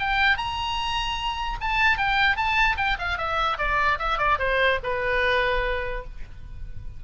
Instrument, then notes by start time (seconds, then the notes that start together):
oboe
0.00 G5
0.38 A#5
1.61 A5
1.98 G5
2.37 A5
2.78 G5
2.99 F5
3.18 E5
3.58 D5
3.99 E5
4.19 D5
4.39 C5
4.84 B4